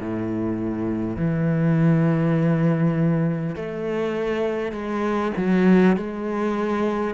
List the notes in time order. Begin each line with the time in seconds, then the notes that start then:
0.00 A2
1.17 E3
3.56 A3
4.72 G#3
5.37 F#3
5.97 G#3